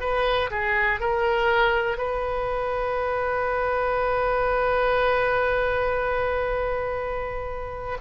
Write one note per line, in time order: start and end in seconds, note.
0.00 0.50 B4
0.50 1.00 G#4
1.00 1.98 A#4
1.98 7.98 B4